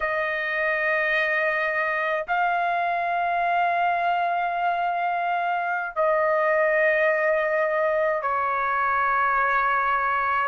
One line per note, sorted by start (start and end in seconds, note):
0.00 2.26 D#5
2.27 5.95 F5
5.95 8.21 D#5
8.21 10.48 C#5